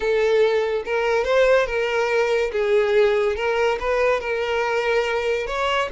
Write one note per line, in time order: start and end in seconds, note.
0.00 0.83 A4
0.85 1.24 A#4
1.24 1.66 C5
1.66 2.51 A#4
2.52 3.36 G#4
3.36 3.78 A#4
3.80 4.20 B4
4.20 5.46 A#4
5.46 5.88 C#5